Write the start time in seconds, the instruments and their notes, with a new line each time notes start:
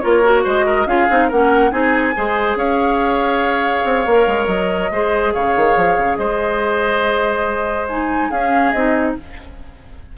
0.00 bassoon A#3, clarinet F4, oboe A#4, flute C#5
0.23 clarinet F#4
0.44 bassoon G#3, oboe C5, flute D#5
0.66 oboe A#4
0.86 bassoon C#4, clarinet F4, oboe G#4, flute F5
1.09 bassoon C4, clarinet D#4
1.28 bassoon A#3, clarinet C#4, oboe A#4, flute F#5
1.70 bassoon C4, clarinet D#4, oboe G#4, flute G#5
2.16 bassoon G#3, clarinet G#4, oboe C5
2.55 bassoon C#4, oboe C#5, flute F5
3.84 bassoon C4
4.06 bassoon A#3, clarinet A#4
4.27 bassoon G#3
4.46 bassoon F#3, flute D#5
4.91 bassoon G#3, clarinet G#4, oboe C5
5.33 bassoon C#3, oboe C#5, flute F5
5.56 bassoon D#3
5.76 bassoon F3
5.97 bassoon C#3
6.16 bassoon G#3, oboe C5, flute D#5
7.88 clarinet D#4, flute G#5
8.30 bassoon C#4, clarinet C#4, oboe G#4, flute F5
8.71 bassoon C4, clarinet D#4, flute D#5